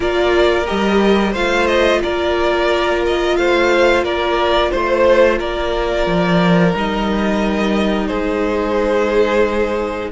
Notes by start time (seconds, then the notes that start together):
0.00 A#3 F4 A#4 D5
0.66 G3 G4 D#5
1.32 A3 F4 C5 F5
1.67 D#5
2.02 A#3 A#4 D5
3.06 D#5
3.36 A3 C5 F5
4.03 A#3 A#4 D5
4.71 A3 C5
5.38 A#3 A#4 D5
6.06 F3
6.73 G3 D#4 D#5
8.07 G#3 G#4 C5